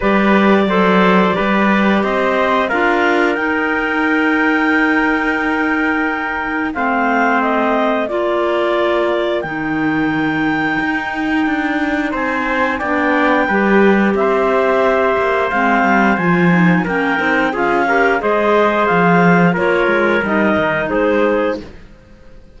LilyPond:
<<
  \new Staff \with { instrumentName = "clarinet" } { \time 4/4 \tempo 4 = 89 d''2. dis''4 | f''4 g''2.~ | g''2 f''4 dis''4 | d''2 g''2~ |
g''2 gis''4 g''4~ | g''4 e''2 f''4 | gis''4 g''4 f''4 dis''4 | f''4 cis''4 dis''4 c''4 | }
  \new Staff \with { instrumentName = "trumpet" } { \time 4/4 b'4 c''4 b'4 c''4 | ais'1~ | ais'2 c''2 | ais'1~ |
ais'2 c''4 d''4 | b'4 c''2.~ | c''4 ais'4 gis'8 ais'8 c''4~ | c''4 ais'2 gis'4 | }
  \new Staff \with { instrumentName = "clarinet" } { \time 4/4 g'4 a'4 g'2 | f'4 dis'2.~ | dis'2 c'2 | f'2 dis'2~ |
dis'2. d'4 | g'2. c'4 | f'8 dis'8 cis'8 dis'8 f'8 g'8 gis'4~ | gis'4 f'4 dis'2 | }
  \new Staff \with { instrumentName = "cello" } { \time 4/4 g4 fis4 g4 c'4 | d'4 dis'2.~ | dis'2 a2 | ais2 dis2 |
dis'4 d'4 c'4 b4 | g4 c'4. ais8 gis8 g8 | f4 ais8 c'8 cis'4 gis4 | f4 ais8 gis8 g8 dis8 gis4 | }
>>